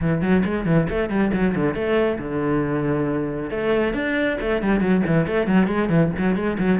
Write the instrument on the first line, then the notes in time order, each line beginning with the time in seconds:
cello
0.01 E3
0.21 F#3
0.44 G#3
0.65 E3
0.89 A3
1.09 G3
1.33 F#3
1.55 D3
1.74 A3
2.18 D3
3.50 A3
3.93 D4
4.40 A3
4.61 G3
4.80 F#3
5.06 E3
5.26 A3
5.46 F#3
5.67 G#3
5.89 E3
6.18 F#3
6.35 G#3
6.58 F#3